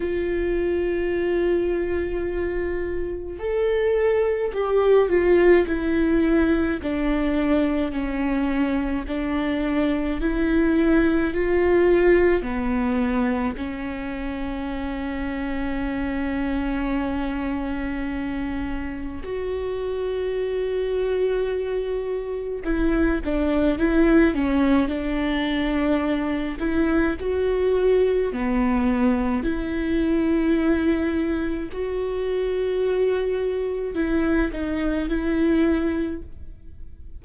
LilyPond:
\new Staff \with { instrumentName = "viola" } { \time 4/4 \tempo 4 = 53 f'2. a'4 | g'8 f'8 e'4 d'4 cis'4 | d'4 e'4 f'4 b4 | cis'1~ |
cis'4 fis'2. | e'8 d'8 e'8 cis'8 d'4. e'8 | fis'4 b4 e'2 | fis'2 e'8 dis'8 e'4 | }